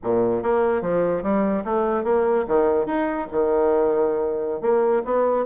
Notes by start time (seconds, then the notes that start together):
0.03 A#2
0.42 A#3
0.81 F3
1.22 G3
1.64 A3
2.04 A#3
2.47 D#3
2.86 D#4
3.31 D#3
4.61 A#3
5.04 B3